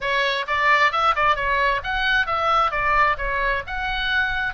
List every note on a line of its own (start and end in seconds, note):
0.00 0.46 C#5
0.47 0.92 D5
0.92 1.14 E5
1.15 1.35 D5
1.35 1.81 C#5
1.83 2.26 F#5
2.26 2.71 E5
2.71 3.16 D5
3.17 3.62 C#5
3.67 4.54 F#5